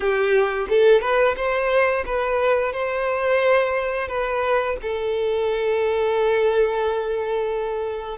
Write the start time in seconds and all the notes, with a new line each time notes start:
0.00 G4
0.68 A4
1.01 B4
1.36 C5
2.05 B4
2.72 C5
4.08 B4
4.82 A4